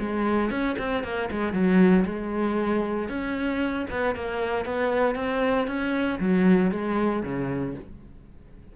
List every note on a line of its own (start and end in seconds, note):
0.00 0.51 G#3
0.51 0.77 C#4
0.79 1.04 C4
1.04 1.30 A#3
1.31 1.53 G#3
1.53 2.05 F#3
2.06 3.09 G#3
3.09 3.87 C#4
3.91 4.16 B3
4.16 4.66 A#3
4.66 5.16 B3
5.16 5.68 C4
5.68 6.20 C#4
6.20 6.72 F#3
6.72 7.23 G#3
7.23 7.75 C#3